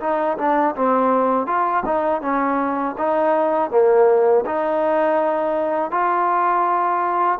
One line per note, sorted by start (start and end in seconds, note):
0.00 0.37 D#4
0.38 0.75 D4
0.76 1.46 C4
1.46 1.84 F4
1.85 2.21 D#4
2.21 2.95 C#4
2.98 3.70 D#4
3.70 4.44 A#3
4.46 5.91 D#4
5.91 7.39 F4